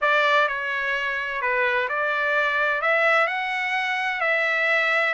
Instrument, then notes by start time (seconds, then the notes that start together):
trumpet
0.01 D5
0.48 C#5
1.41 B4
1.89 D5
2.81 E5
3.27 F#5
4.20 E5